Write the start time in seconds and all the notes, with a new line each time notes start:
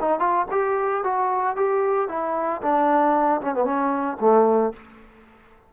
0.00 D#4
0.19 F4
0.51 G4
1.04 F#4
1.56 G4
2.09 E4
2.62 D4
3.41 C#4
3.55 B3
3.64 C#4
4.20 A3